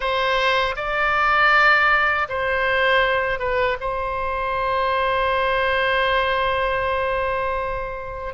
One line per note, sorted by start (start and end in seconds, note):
0.00 0.75 C5
0.76 2.28 D5
2.29 3.39 C5
3.39 3.77 B4
3.80 8.34 C5